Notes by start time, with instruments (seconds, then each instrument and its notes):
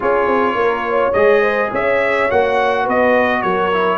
0.00 tuba C#4, trombone F4, horn G#4, trumpet C#5
0.26 tuba C4
0.54 tuba A#3
0.61 horn A#4
0.88 horn C#5
1.12 tuba G#3, trombone G#4, trumpet D#5
1.41 horn C5
1.71 tuba C#4, horn C#5, trumpet E5
2.30 tuba A#3, trombone F#4, trumpet F#5
2.83 tuba B3, horn B4, trumpet D#5
3.42 tuba F#3, horn A#4, trumpet C#5
3.72 trombone E4